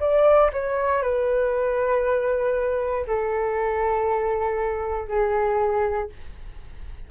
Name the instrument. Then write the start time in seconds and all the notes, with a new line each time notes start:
flute
0.00 D5
0.53 C#5
1.03 B4
3.07 A4
5.08 G#4